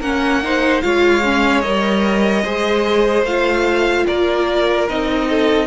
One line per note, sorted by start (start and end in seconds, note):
0.00 0.82 A#3
0.00 0.44 C#4
0.00 0.41 A#4
0.00 0.82 F#5
0.44 0.82 D#4
0.44 0.84 C5
0.82 1.66 G#3
0.82 1.23 F4
0.82 2.43 C#5
0.82 1.61 F5
1.24 1.64 C#4
1.61 2.45 G3
1.61 2.45 A#4
1.61 3.23 D#5
2.43 3.23 G#3
2.43 3.27 G#4
2.43 4.06 C5
3.23 4.04 A3
3.23 4.89 F4
3.23 4.07 F5
4.07 4.90 A#3
4.07 5.29 A#4
4.07 4.88 D5
4.89 5.67 C4
4.89 5.67 D#4
4.89 5.67 D#5
5.30 5.67 A4